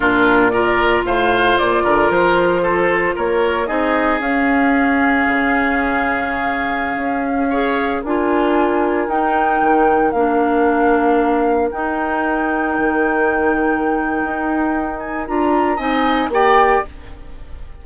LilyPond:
<<
  \new Staff \with { instrumentName = "flute" } { \time 4/4 \tempo 4 = 114 ais'4 d''4 f''4 d''4 | c''2 cis''4 dis''4 | f''1~ | f''2.~ f''16 gis''8.~ |
gis''4~ gis''16 g''2 f''8.~ | f''2~ f''16 g''4.~ g''16~ | g''1~ | g''8 gis''8 ais''4 gis''4 g''4 | }
  \new Staff \with { instrumentName = "oboe" } { \time 4/4 f'4 ais'4 c''4. ais'8~ | ais'4 a'4 ais'4 gis'4~ | gis'1~ | gis'2~ gis'16 cis''4 ais'8.~ |
ais'1~ | ais'1~ | ais'1~ | ais'2 dis''4 d''4 | }
  \new Staff \with { instrumentName = "clarinet" } { \time 4/4 d'4 f'2.~ | f'2. dis'4 | cis'1~ | cis'2~ cis'16 gis'4 f'8.~ |
f'4~ f'16 dis'2 d'8.~ | d'2~ d'16 dis'4.~ dis'16~ | dis'1~ | dis'4 f'4 dis'4 g'4 | }
  \new Staff \with { instrumentName = "bassoon" } { \time 4/4 ais,2 a,4 ais,8 d8 | f2 ais4 c'4 | cis'2 cis2~ | cis4~ cis16 cis'2 d'8.~ |
d'4~ d'16 dis'4 dis4 ais8.~ | ais2~ ais16 dis'4.~ dis'16~ | dis'16 dis2~ dis8. dis'4~ | dis'4 d'4 c'4 ais4 | }
>>